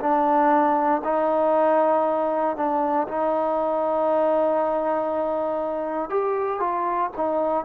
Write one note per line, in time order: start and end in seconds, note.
0.00 1.02 D4
1.04 2.57 D#4
2.57 3.07 D4
3.08 6.10 D#4
6.10 6.60 G4
6.60 7.11 F4
7.17 7.65 D#4